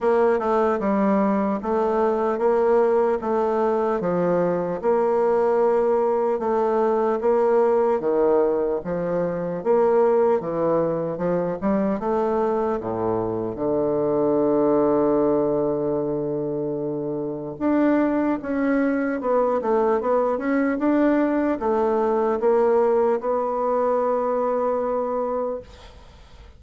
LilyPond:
\new Staff \with { instrumentName = "bassoon" } { \time 4/4 \tempo 4 = 75 ais8 a8 g4 a4 ais4 | a4 f4 ais2 | a4 ais4 dis4 f4 | ais4 e4 f8 g8 a4 |
a,4 d2.~ | d2 d'4 cis'4 | b8 a8 b8 cis'8 d'4 a4 | ais4 b2. | }